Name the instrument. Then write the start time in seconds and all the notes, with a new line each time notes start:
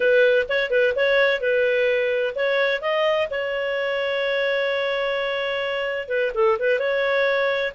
clarinet
0.00 B4
0.48 C#5
0.70 B4
0.95 C#5
1.40 B4
2.35 C#5
2.81 D#5
3.30 C#5
6.08 B4
6.34 A4
6.59 B4
6.79 C#5